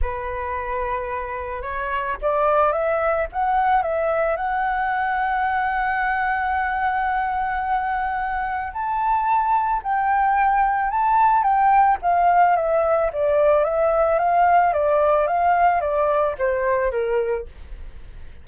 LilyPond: \new Staff \with { instrumentName = "flute" } { \time 4/4 \tempo 4 = 110 b'2. cis''4 | d''4 e''4 fis''4 e''4 | fis''1~ | fis''1 |
a''2 g''2 | a''4 g''4 f''4 e''4 | d''4 e''4 f''4 d''4 | f''4 d''4 c''4 ais'4 | }